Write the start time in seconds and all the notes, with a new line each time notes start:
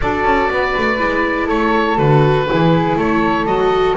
0.00 D4 F#4 A4 D5
0.24 C#4
0.49 B3 B4
0.77 A3
0.98 G#3 E4
1.46 A3 A4 C#5
1.96 D3 F#4 B4
2.48 E3 E4 G#4
2.96 A3 A4 C#5
3.45 F#3 F#4 D#5